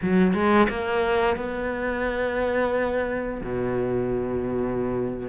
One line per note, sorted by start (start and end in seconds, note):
0.02 0.33 F#3
0.33 0.67 G#3
0.69 1.36 A#3
1.36 3.41 B3
3.43 5.28 B2